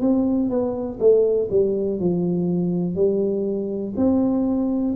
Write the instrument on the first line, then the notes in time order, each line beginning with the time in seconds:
tuba
0.00 C4
0.49 B3
0.99 A3
1.50 G3
1.99 F3
2.95 G3
3.96 C4